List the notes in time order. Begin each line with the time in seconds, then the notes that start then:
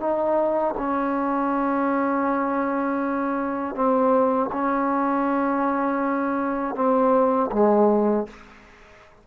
0.00 D#4
0.78 C#4
3.75 C4
4.52 C#4
6.75 C4
7.52 G#3